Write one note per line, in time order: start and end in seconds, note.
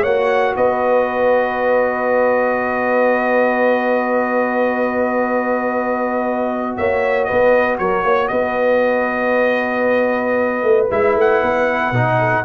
0.00 0.55 A#3
0.00 10.90 F#4
0.00 0.52 C#5
0.00 0.55 F#5
0.56 6.77 B3
0.56 6.77 B4
0.56 6.77 D#5
6.77 7.29 A#3
6.77 7.27 C#5
6.77 7.24 E5
7.24 7.79 B4
7.24 7.76 D#5
7.31 7.79 B3
7.78 8.04 F#3
7.78 8.04 A#4
7.78 8.27 C#5
8.04 8.29 A#3
8.04 8.30 C#5
8.27 10.63 B3
8.27 12.18 B4
8.27 10.86 D#5
10.63 10.89 A3
10.90 11.15 G#3
10.90 11.94 E4
10.90 11.17 E5
11.15 11.40 A3
11.15 12.45 F#5
11.42 11.91 B3
11.91 12.43 B2
11.91 12.45 D#4
12.18 12.43 A4